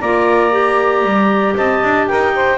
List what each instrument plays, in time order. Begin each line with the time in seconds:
0.00 double bass A#3, clarinet F4 A#5, saxophone D5
0.51 clarinet G4
1.04 double bass G3
1.56 double bass C4, saxophone D#5, clarinet A5
1.83 double bass D4
2.07 double bass D#4, saxophone A#4, clarinet G5
2.34 saxophone C5